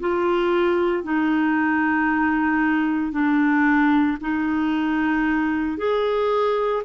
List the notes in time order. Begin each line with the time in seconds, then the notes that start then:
0.00 F4
1.03 D#4
3.12 D4
4.21 D#4
5.78 G#4